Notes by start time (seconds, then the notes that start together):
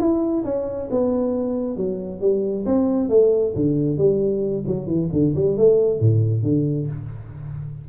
0.00 E4
0.45 C#4
0.91 B3
1.77 F#3
2.21 G3
2.66 C4
3.10 A3
3.56 D3
3.98 G3
4.67 F#3
4.87 E3
5.13 D3
5.36 G3
5.57 A3
6.00 A2
6.43 D3